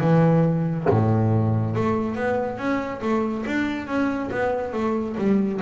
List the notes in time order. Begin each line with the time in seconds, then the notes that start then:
0.00 E3
0.90 A2
1.75 A3
2.15 B3
2.58 C#4
3.02 A3
3.46 D4
3.87 C#4
4.31 B3
4.73 A3
5.18 G3